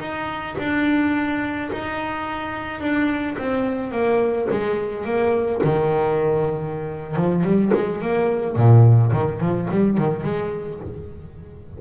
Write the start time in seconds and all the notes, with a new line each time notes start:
0.00 D#4
0.59 D4
1.72 D#4
2.81 D4
3.38 C4
3.92 A#3
4.51 G#3
5.05 A#3
5.64 D#3
7.16 F3
7.44 G3
7.74 G#3
8.02 A#3
8.56 A#2
9.13 D#3
9.41 F3
9.71 G3
9.98 D#3
10.24 G#3